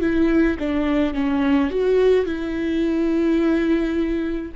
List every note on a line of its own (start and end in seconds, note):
0.00 0.57 E4
0.59 1.14 D4
1.14 1.70 C#4
1.70 2.25 F#4
2.25 4.51 E4